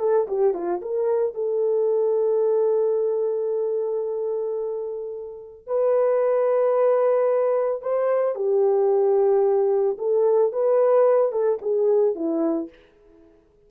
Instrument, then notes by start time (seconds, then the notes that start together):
horn
0.00 A4
0.28 G4
0.54 F4
0.82 A#4
1.34 A4
5.67 B4
7.82 C5
8.35 G4
9.98 A4
10.53 B4
11.32 A4
11.62 G#4
12.15 E4